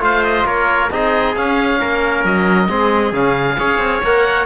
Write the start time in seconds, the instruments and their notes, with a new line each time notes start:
0.00 cello A3, trombone F4, trumpet C5, oboe F5
0.24 oboe D#5
0.45 cello A#3, trumpet A#4, oboe C#5
0.91 cello C4, trombone D#4, trumpet G#4, oboe D#5
1.36 cello C#4, trombone C#4, oboe F5
1.79 cello A#3, trumpet A#4
2.24 cello F#3, oboe D#5
2.68 cello G#3, trombone C4, trumpet G#4
3.12 cello C#3, trombone C#4, oboe F5
3.58 cello C#4, trombone G#4, trumpet C#5
3.78 cello C4
4.03 cello A#3, trombone A#4, oboe F#5